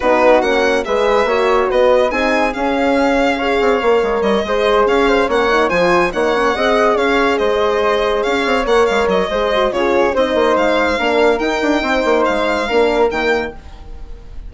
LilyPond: <<
  \new Staff \with { instrumentName = "violin" } { \time 4/4 \tempo 4 = 142 b'4 fis''4 e''2 | dis''4 gis''4 f''2~ | f''2 dis''4. f''8~ | f''8 fis''4 gis''4 fis''4.~ |
fis''8 f''4 dis''2 f''8~ | f''8 fis''8 f''8 dis''4. cis''4 | dis''4 f''2 g''4~ | g''4 f''2 g''4 | }
  \new Staff \with { instrumentName = "flute" } { \time 4/4 fis'2 b'4 cis''4 | b'4 gis'2. | cis''2~ cis''8 c''4 cis''8 | c''8 cis''4 c''4 cis''4 dis''8~ |
dis''8 cis''4 c''2 cis''8~ | cis''2 c''4 gis'4 | c''2 ais'2 | c''2 ais'2 | }
  \new Staff \with { instrumentName = "horn" } { \time 4/4 dis'4 cis'4 gis'4 fis'4~ | fis'4 dis'4 cis'2 | gis'4 ais'4. gis'4.~ | gis'8 cis'8 dis'8 f'4 dis'8 cis'8 gis'8~ |
gis'1~ | gis'8 ais'4. gis'8 fis'8 f'4 | dis'2 d'4 dis'4~ | dis'2 d'4 ais4 | }
  \new Staff \with { instrumentName = "bassoon" } { \time 4/4 b4 ais4 gis4 ais4 | b4 c'4 cis'2~ | cis'8 c'8 ais8 gis8 g8 gis4 cis'8~ | cis'8 ais4 f4 ais4 c'8~ |
c'8 cis'4 gis2 cis'8 | c'8 ais8 gis8 fis8 gis4 cis4 | c'8 ais8 gis4 ais4 dis'8 d'8 | c'8 ais8 gis4 ais4 dis4 | }
>>